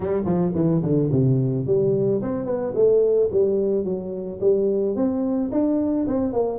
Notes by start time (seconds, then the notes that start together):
0.00 G3
0.25 F3
0.54 E3
0.82 D3
1.11 C3
1.66 G3
2.22 C4
2.45 B3
2.74 A3
3.31 G3
3.84 F#3
4.40 G3
4.95 C4
5.51 D4
6.07 C4
6.33 A#3